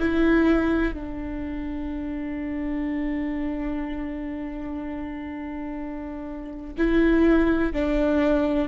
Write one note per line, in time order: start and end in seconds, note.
0.00 0.94 E4
0.94 6.75 D4
6.78 7.73 E4
7.73 8.69 D4